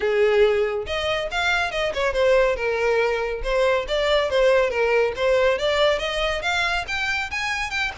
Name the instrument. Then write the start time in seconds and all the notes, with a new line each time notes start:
violin
0.00 G#4
0.86 D#5
1.31 F5
1.71 D#5
1.94 C#5
2.13 C5
2.56 A#4
3.43 C5
3.88 D5
4.30 C5
4.69 A#4
5.15 C5
5.58 D5
5.99 D#5
6.42 F5
6.87 G5
7.31 G#5
7.70 G5